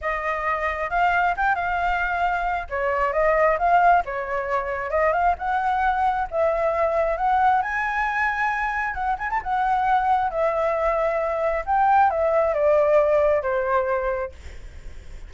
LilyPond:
\new Staff \with { instrumentName = "flute" } { \time 4/4 \tempo 4 = 134 dis''2 f''4 g''8 f''8~ | f''2 cis''4 dis''4 | f''4 cis''2 dis''8 f''8 | fis''2 e''2 |
fis''4 gis''2. | fis''8 gis''16 a''16 fis''2 e''4~ | e''2 g''4 e''4 | d''2 c''2 | }